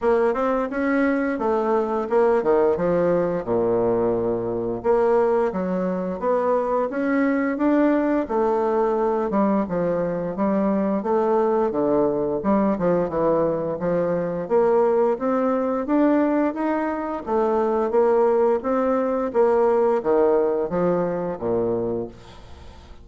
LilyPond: \new Staff \with { instrumentName = "bassoon" } { \time 4/4 \tempo 4 = 87 ais8 c'8 cis'4 a4 ais8 dis8 | f4 ais,2 ais4 | fis4 b4 cis'4 d'4 | a4. g8 f4 g4 |
a4 d4 g8 f8 e4 | f4 ais4 c'4 d'4 | dis'4 a4 ais4 c'4 | ais4 dis4 f4 ais,4 | }